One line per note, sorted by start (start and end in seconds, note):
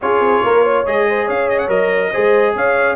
0.01 0.20 C#4
0.01 0.86 F4
0.01 0.44 G#4
0.01 0.86 C#5
0.20 0.41 C4
0.44 0.86 A#3
0.44 0.63 A#4
0.63 1.06 C#5
0.86 1.28 G#3
0.86 1.68 G#4
0.86 1.28 D#5
1.08 1.25 C5
1.25 1.68 C#4
1.25 2.10 C#5
1.25 1.49 F5
1.49 1.58 D#5
1.58 1.68 F#5
1.68 2.10 F#3
1.68 2.11 A#4
1.68 2.55 D#5
2.11 2.55 G#3
2.11 2.95 G#4
2.11 2.54 C5
2.55 2.95 C#4
2.55 2.95 C#5
2.55 2.95 F5